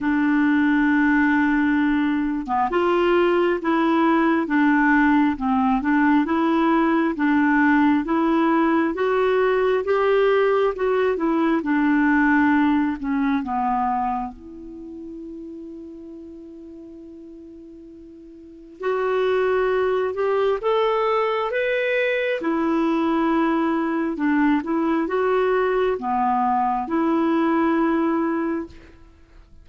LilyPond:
\new Staff \with { instrumentName = "clarinet" } { \time 4/4 \tempo 4 = 67 d'2~ d'8. b16 f'4 | e'4 d'4 c'8 d'8 e'4 | d'4 e'4 fis'4 g'4 | fis'8 e'8 d'4. cis'8 b4 |
e'1~ | e'4 fis'4. g'8 a'4 | b'4 e'2 d'8 e'8 | fis'4 b4 e'2 | }